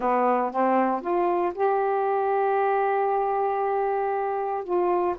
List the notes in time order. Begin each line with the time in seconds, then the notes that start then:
0.00 B3
0.51 C4
1.01 F4
1.54 G4
4.63 F4